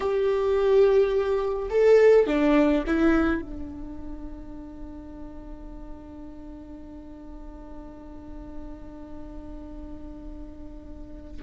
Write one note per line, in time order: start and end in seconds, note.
0.00 1.69 G4
1.70 2.26 A4
2.26 2.84 D4
2.86 3.41 E4
3.41 11.41 D4